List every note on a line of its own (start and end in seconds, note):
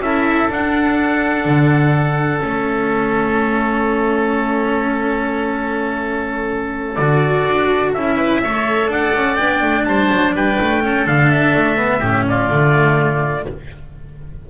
0.00 0.48 C#4
0.00 0.49 E4
0.00 8.17 A4
0.00 0.51 E5
0.49 2.40 D4
0.49 1.46 D4
0.49 2.42 F#5
1.46 2.42 D3
2.40 6.98 A3
2.40 6.96 C#4
2.40 6.95 E5
6.95 7.46 D3
6.95 7.91 D5
7.02 7.97 F#4
7.48 7.96 D4
7.94 8.44 C#4
7.94 8.45 E4
7.94 8.90 E5
8.17 8.41 B4
8.44 8.88 A3
8.44 9.40 A4
8.44 8.92 C#5
8.88 9.12 D4
8.88 9.88 D5
8.88 9.36 F#5
9.15 9.39 C#4
9.36 9.62 B3
9.36 10.84 D4
9.36 9.84 G5
9.62 9.86 A3
9.85 10.11 G3
9.85 10.36 C5
9.85 10.33 A5
10.13 10.35 F#3
10.35 10.59 G3
10.35 10.84 B4
10.35 11.08 G5
10.61 11.07 A3
10.84 11.07 C#4
10.84 12.00 A4
11.07 11.54 D3
11.07 11.77 D4
11.07 11.32 F5
11.32 12.28 E5
11.54 12.02 A3
11.77 12.01 B3
12.00 12.50 A2
12.00 12.51 C#4
12.00 12.24 G4
12.29 13.50 F4
12.29 13.49 D5
12.50 13.46 D3
12.50 13.46 A3